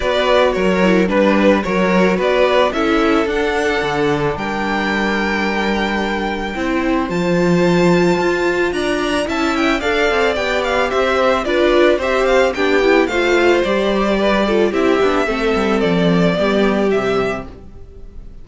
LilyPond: <<
  \new Staff \with { instrumentName = "violin" } { \time 4/4 \tempo 4 = 110 d''4 cis''4 b'4 cis''4 | d''4 e''4 fis''2 | g''1~ | g''4 a''2. |
ais''4 a''8 g''8 f''4 g''8 f''8 | e''4 d''4 e''8 f''8 g''4 | f''4 d''2 e''4~ | e''4 d''2 e''4 | }
  \new Staff \with { instrumentName = "violin" } { \time 4/4 b'4 ais'4 b'4 ais'4 | b'4 a'2. | ais'1 | c''1 |
d''4 e''4 d''2 | c''4 b'4 c''4 g'4 | c''2 b'8 a'8 g'4 | a'2 g'2 | }
  \new Staff \with { instrumentName = "viola" } { \time 4/4 fis'4. e'8 d'4 fis'4~ | fis'4 e'4 d'2~ | d'1 | e'4 f'2.~ |
f'4 e'4 a'4 g'4~ | g'4 f'4 g'4 d'8 e'8 | f'4 g'4. f'8 e'8 d'8 | c'2 b4 g4 | }
  \new Staff \with { instrumentName = "cello" } { \time 4/4 b4 fis4 g4 fis4 | b4 cis'4 d'4 d4 | g1 | c'4 f2 f'4 |
d'4 cis'4 d'8 c'8 b4 | c'4 d'4 c'4 b4 | a4 g2 c'8 b8 | a8 g8 f4 g4 c4 | }
>>